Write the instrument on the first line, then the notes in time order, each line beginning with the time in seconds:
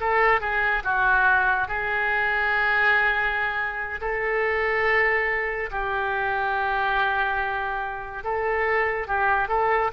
oboe
0.00 A4
0.41 G#4
0.84 F#4
1.68 G#4
4.01 A4
5.71 G4
8.24 A4
9.07 G4
9.48 A4